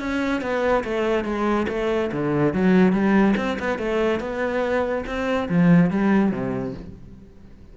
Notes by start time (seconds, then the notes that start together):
0.00 C#4
0.42 B3
0.85 A3
1.25 G#3
1.69 A3
2.13 D3
2.54 F#3
2.93 G3
3.37 C4
3.60 B3
3.79 A3
4.20 B3
5.07 C4
5.49 F3
5.91 G3
6.32 C3